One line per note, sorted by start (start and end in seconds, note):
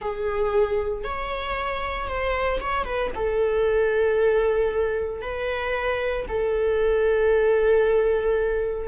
0.01 1.04 G#4
1.04 2.08 C#5
2.08 2.60 C5
2.60 2.84 C#5
2.84 3.10 B4
3.15 5.21 A4
5.21 6.25 B4
6.28 8.87 A4